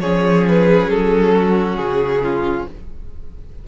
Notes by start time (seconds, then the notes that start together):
0.00 F3 C#4 G#4 C#5
0.48 B4
0.89 F#3 A4
1.35 F#4
1.75 C#3 G#4
2.23 F4